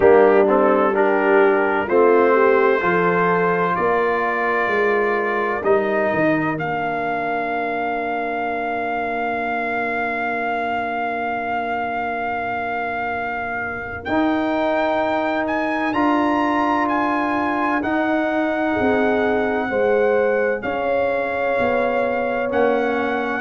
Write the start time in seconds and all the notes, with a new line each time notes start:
0.00 G3 A#3 D4 G4
0.47 C4 A4
0.93 D4 G4 A#4
1.86 A3 C4 F4 C5
2.33 G4
2.80 F3 F4 A4
3.75 A#3 A#4 D5
4.66 G#3
5.63 G3 D#4 D#5
6.13 D#3
6.56 A#3 D4 F5
14.04 D#4 G5
15.46 G#5
15.93 D4 F4 A#5
16.88 G#5
17.82 D#4 F#5
18.72 G#4
18.80 C4
19.69 G#3 G#4 C5
20.62 C#4 C#5 F5
21.59 B3
22.48 A#3 C#4 F#5